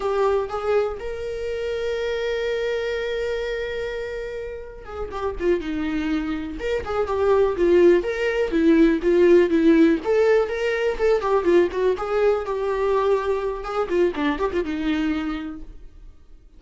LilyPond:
\new Staff \with { instrumentName = "viola" } { \time 4/4 \tempo 4 = 123 g'4 gis'4 ais'2~ | ais'1~ | ais'2 gis'8 g'8 f'8 dis'8~ | dis'4. ais'8 gis'8 g'4 f'8~ |
f'8 ais'4 e'4 f'4 e'8~ | e'8 a'4 ais'4 a'8 g'8 f'8 | fis'8 gis'4 g'2~ g'8 | gis'8 f'8 d'8 g'16 f'16 dis'2 | }